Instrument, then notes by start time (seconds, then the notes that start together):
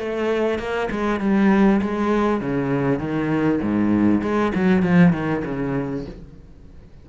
cello
0.00 A3
0.59 A#3
0.91 G#3
1.21 G3
1.82 G#3
2.41 C#3
3.00 D#3
3.62 G#2
4.22 G#3
4.55 F#3
4.83 F3
5.13 D#3
5.45 C#3